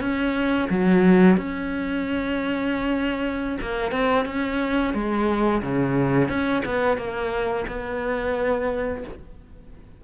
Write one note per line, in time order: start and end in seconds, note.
0.00 0.68 C#4
0.69 1.37 F#3
1.37 3.59 C#4
3.61 3.91 A#3
3.91 4.26 C4
4.26 4.94 C#4
4.94 5.62 G#3
5.62 6.29 C#3
6.29 6.63 C#4
6.65 6.97 B3
6.97 7.65 A#3
7.67 9.04 B3